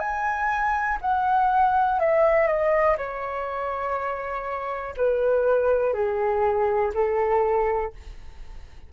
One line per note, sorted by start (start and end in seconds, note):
0.00 0.98 G#5
1.01 2.00 F#5
2.00 2.47 E5
2.47 2.96 D#5
2.98 4.94 C#5
4.97 5.93 B4
5.93 6.92 G#4
6.94 7.93 A4